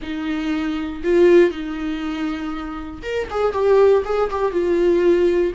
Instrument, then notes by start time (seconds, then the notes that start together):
viola
0.02 D#4
1.03 F4
1.51 D#4
3.02 A#4
3.30 G#4
3.52 G4
4.04 G#4
4.30 G4
4.51 F4